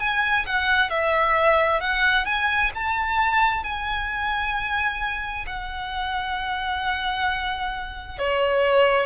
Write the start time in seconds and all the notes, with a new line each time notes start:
0.00 G#5
0.46 F#5
0.90 E5
1.81 F#5
2.26 G#5
2.75 A5
3.64 G#5
5.47 F#5
8.19 C#5